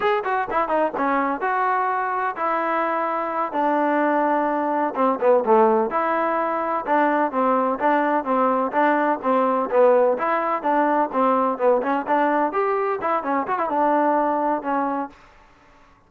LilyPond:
\new Staff \with { instrumentName = "trombone" } { \time 4/4 \tempo 4 = 127 gis'8 fis'8 e'8 dis'8 cis'4 fis'4~ | fis'4 e'2~ e'8 d'8~ | d'2~ d'8 c'8 b8 a8~ | a8 e'2 d'4 c'8~ |
c'8 d'4 c'4 d'4 c'8~ | c'8 b4 e'4 d'4 c'8~ | c'8 b8 cis'8 d'4 g'4 e'8 | cis'8 fis'16 e'16 d'2 cis'4 | }